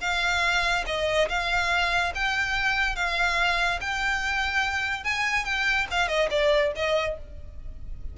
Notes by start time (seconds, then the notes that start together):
0.00 F5
0.86 D#5
1.29 F5
2.14 G5
2.95 F5
3.80 G5
5.03 G#5
5.45 G5
5.90 F5
6.08 D#5
6.30 D5
6.75 D#5